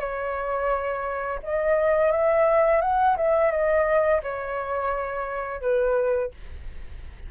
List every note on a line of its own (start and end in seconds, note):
0.00 1.40 C#5
1.43 2.12 D#5
2.12 2.81 E5
2.81 3.16 F#5
3.16 3.51 E5
3.51 4.21 D#5
4.23 5.61 C#5
5.61 6.31 B4